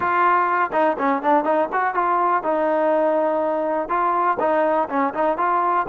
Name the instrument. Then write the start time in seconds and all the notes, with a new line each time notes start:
trombone
0.00 F4
0.72 D#4
0.98 C#4
1.22 D4
1.44 D#4
1.72 F#4
1.94 F4
2.43 D#4
3.88 F4
4.39 D#4
4.89 C#4
5.14 D#4
5.37 F4